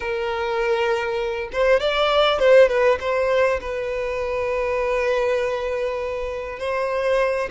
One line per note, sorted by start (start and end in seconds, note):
0.00 1.49 A#4
1.52 1.79 C5
1.79 2.39 D5
2.39 2.68 C5
2.68 2.98 B4
3.00 3.60 C5
3.60 6.59 B4
6.59 7.49 C5